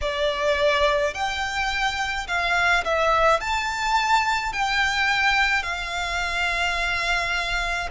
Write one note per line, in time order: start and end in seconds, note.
0.01 1.14 D5
1.14 2.27 G5
2.27 2.84 F5
2.84 3.40 E5
3.40 4.52 A5
4.52 5.62 G5
5.62 7.89 F5